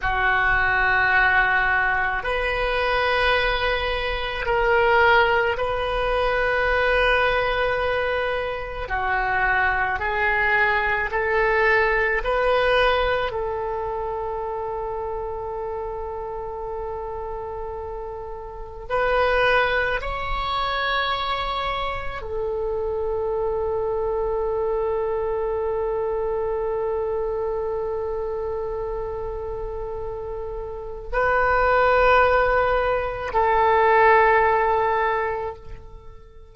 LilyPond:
\new Staff \with { instrumentName = "oboe" } { \time 4/4 \tempo 4 = 54 fis'2 b'2 | ais'4 b'2. | fis'4 gis'4 a'4 b'4 | a'1~ |
a'4 b'4 cis''2 | a'1~ | a'1 | b'2 a'2 | }